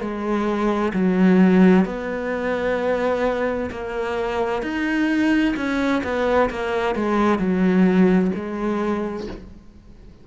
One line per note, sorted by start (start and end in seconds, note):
0.00 0.92 G#3
0.93 1.85 F#3
1.85 3.70 B3
3.70 4.62 A#3
4.62 5.54 D#4
5.56 6.02 C#4
6.03 6.50 B3
6.50 6.95 A#3
6.95 7.38 G#3
7.38 8.31 F#3
8.35 9.27 G#3